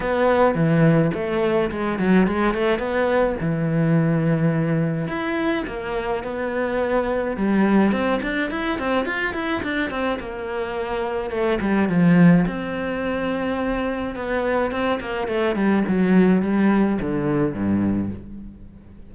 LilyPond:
\new Staff \with { instrumentName = "cello" } { \time 4/4 \tempo 4 = 106 b4 e4 a4 gis8 fis8 | gis8 a8 b4 e2~ | e4 e'4 ais4 b4~ | b4 g4 c'8 d'8 e'8 c'8 |
f'8 e'8 d'8 c'8 ais2 | a8 g8 f4 c'2~ | c'4 b4 c'8 ais8 a8 g8 | fis4 g4 d4 g,4 | }